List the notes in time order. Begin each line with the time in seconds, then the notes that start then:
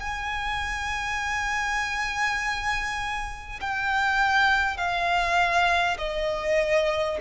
0.00 G#5
3.61 G5
4.77 F5
5.98 D#5